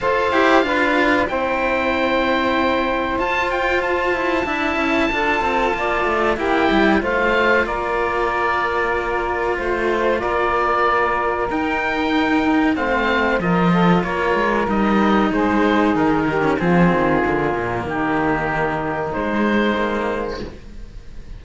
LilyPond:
<<
  \new Staff \with { instrumentName = "oboe" } { \time 4/4 \tempo 4 = 94 f''2 g''2~ | g''4 a''8 g''8 a''2~ | a''2 g''4 f''4 | d''2. c''4 |
d''2 g''2 | f''4 dis''4 cis''4 dis''4 | c''4 ais'4 gis'2 | g'2 c''2 | }
  \new Staff \with { instrumentName = "saxophone" } { \time 4/4 c''4 b'4 c''2~ | c''2. e''4 | a'4 d''4 g'4 c''4 | ais'2. c''4 |
ais'1 | c''4 ais'8 a'8 ais'2 | gis'4. g'8 f'2 | dis'1 | }
  \new Staff \with { instrumentName = "cello" } { \time 4/4 a'8 g'8 f'4 e'2~ | e'4 f'2 e'4 | f'2 e'4 f'4~ | f'1~ |
f'2 dis'2 | c'4 f'2 dis'4~ | dis'4.~ dis'16 cis'16 c'4 ais4~ | ais2 gis4 ais4 | }
  \new Staff \with { instrumentName = "cello" } { \time 4/4 f'8 e'8 d'4 c'2~ | c'4 f'4. e'8 d'8 cis'8 | d'8 c'8 ais8 a8 ais8 g8 a4 | ais2. a4 |
ais2 dis'2 | a4 f4 ais8 gis8 g4 | gis4 dis4 f8 dis8 d8 ais,8 | dis2 gis2 | }
>>